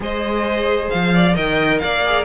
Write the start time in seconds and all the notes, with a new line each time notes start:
0.00 G#3 G#4 C5 D#5
0.89 F3 F5
1.14 D5
1.33 D#3 A#4 D#5 G5
1.79 A#3 D5 F5
2.05 G#4